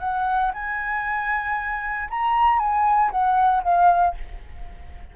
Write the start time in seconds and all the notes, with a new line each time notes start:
0.00 F#5
0.54 G#5
2.10 A#5
2.59 G#5
3.11 F#5
3.63 F5